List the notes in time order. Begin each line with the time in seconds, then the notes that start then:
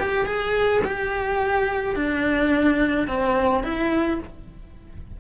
0.00 G4
0.26 G#4
0.85 G4
1.96 D4
3.08 C4
3.63 E4